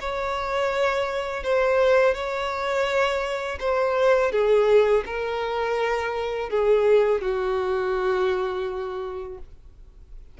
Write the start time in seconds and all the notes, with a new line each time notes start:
0.00 C#5
1.43 C5
2.14 C#5
3.59 C5
4.32 G#4
5.06 A#4
6.49 G#4
7.21 F#4